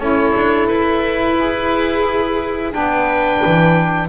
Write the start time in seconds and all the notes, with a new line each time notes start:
0.00 C#4 E4 A4 C#5
0.36 D4
0.68 E4 B4
1.39 G#4
2.72 B3 D4 B4 G5
3.46 E3